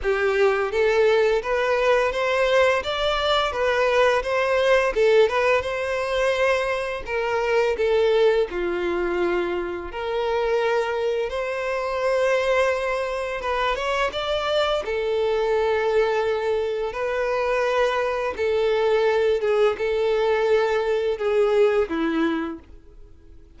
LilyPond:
\new Staff \with { instrumentName = "violin" } { \time 4/4 \tempo 4 = 85 g'4 a'4 b'4 c''4 | d''4 b'4 c''4 a'8 b'8 | c''2 ais'4 a'4 | f'2 ais'2 |
c''2. b'8 cis''8 | d''4 a'2. | b'2 a'4. gis'8 | a'2 gis'4 e'4 | }